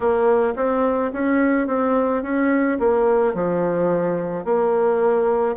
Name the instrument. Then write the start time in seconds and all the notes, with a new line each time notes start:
bassoon
0.00 A#3
0.56 C4
1.13 C#4
1.67 C4
2.22 C#4
2.79 A#3
3.33 F3
4.44 A#3